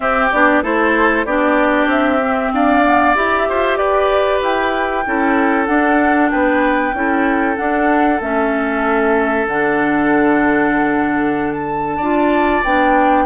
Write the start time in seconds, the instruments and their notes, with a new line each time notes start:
0.00 clarinet C4, bassoon C4, oboe G4, flute E5
0.31 bassoon B3, clarinet D4, flute D5
0.62 bassoon A3, clarinet E4, oboe A4, flute C5
1.25 bassoon B3, clarinet D4, oboe G4, flute D5
1.86 bassoon C4, flute E5
2.21 clarinet C4
2.53 bassoon D4, oboe D5, flute F5
2.83 clarinet B3
3.15 bassoon E4, clarinet G4, flute E5
3.48 bassoon F4, oboe C5
3.76 bassoon G4, oboe B4, flute D5
4.42 bassoon E4, flute G5
5.06 bassoon C#4, clarinet E4, oboe A4
5.66 clarinet D4, bassoon D4, flute F#5
6.30 bassoon B3, oboe B4, flute G5
6.93 bassoon C#4, clarinet E4, oboe A4
7.56 clarinet D4, bassoon D4, flute F#5
8.20 bassoon A3, clarinet C#4, flute E5
9.46 bassoon D3, clarinet D4, flute F#5
11.52 flute A5
11.97 bassoon D4, clarinet F4, oboe D5
12.64 bassoon B3, clarinet D4, flute G5